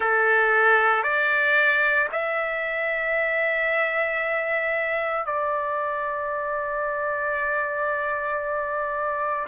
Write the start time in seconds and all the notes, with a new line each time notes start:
0.00 A4
1.02 D5
2.11 E5
5.25 D5